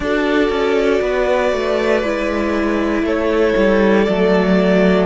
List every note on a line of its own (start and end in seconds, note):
0.00 0.49 D4
0.00 2.03 F#4
0.00 1.01 A4
0.00 3.05 D5
0.49 1.00 C#4
1.01 1.52 B3
1.01 3.04 B4
1.52 2.02 A3
2.02 3.02 G#3
2.02 4.07 E4
3.02 3.53 A3
3.02 5.06 A4
3.02 4.04 C#5
3.56 4.07 G3
4.04 5.06 F#3
4.04 5.06 A3
4.04 5.06 D5